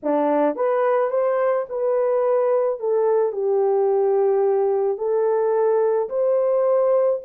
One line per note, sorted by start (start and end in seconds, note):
0.03 0.55 D4
0.55 1.10 B4
1.10 1.66 C5
1.69 2.79 B4
2.79 3.32 A4
3.32 4.97 G4
4.97 6.08 A4
6.09 7.20 C5